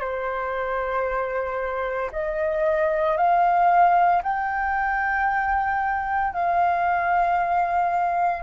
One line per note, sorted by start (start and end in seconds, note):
0.00 2.11 C5
2.11 3.17 D#5
3.17 4.22 F5
4.22 6.33 G5
6.33 8.43 F5